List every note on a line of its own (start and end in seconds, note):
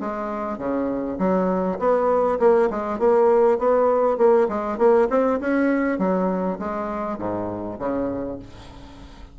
0.00 0.58 G#3
0.58 1.18 C#3
1.18 1.78 F#3
1.79 2.39 B3
2.39 2.69 A#3
2.70 2.99 G#3
2.99 3.59 A#3
3.59 4.18 B3
4.18 4.48 A#3
4.48 4.78 G#3
4.78 5.08 A#3
5.09 5.39 C4
5.40 5.98 C#4
5.98 6.58 F#3
6.59 7.18 G#3
7.18 7.78 G#2
7.79 8.39 C#3